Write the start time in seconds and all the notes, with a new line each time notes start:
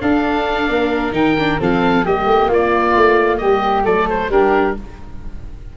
0.00 D4 A4 F5
0.69 A#3 A#4
1.11 D#3 D#4 G5
1.39 D4
1.59 F3 C4 A4 F5
2.05 G3 A#3 G4 D#5
2.25 A3
2.48 A#3 F4 D5
2.96 A3
3.37 G3 G4 D#5
3.84 F#3 A3 A4 D5
4.09 C5
4.29 G3 D4 G4 A#4